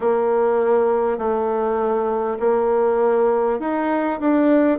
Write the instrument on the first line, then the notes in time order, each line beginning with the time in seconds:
bassoon
0.00 A#3
1.17 A3
2.39 A#3
3.59 D#4
4.20 D4